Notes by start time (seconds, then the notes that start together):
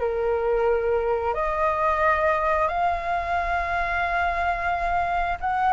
0.00 A#4
1.34 D#5
2.68 F5
5.41 F#5